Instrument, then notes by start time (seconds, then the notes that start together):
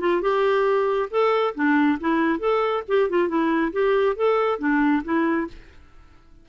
clarinet
0.00 F4
0.22 G4
1.11 A4
1.55 D4
2.00 E4
2.39 A4
2.88 G4
3.10 F4
3.28 E4
3.73 G4
4.16 A4
4.59 D4
5.04 E4